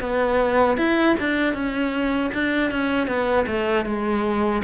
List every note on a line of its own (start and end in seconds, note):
0.00 0.77 B3
0.77 1.16 E4
1.20 1.53 D4
1.53 2.30 C#4
2.34 2.71 D4
2.71 3.07 C#4
3.07 3.45 B3
3.47 3.85 A3
3.85 4.62 G#3